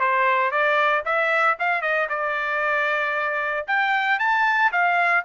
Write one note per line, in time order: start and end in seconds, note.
0.00 0.51 C5
0.51 1.03 D5
1.05 1.57 E5
1.59 1.82 F5
1.82 2.08 D#5
2.09 3.66 D5
3.67 4.19 G5
4.19 4.71 A5
4.72 5.24 F5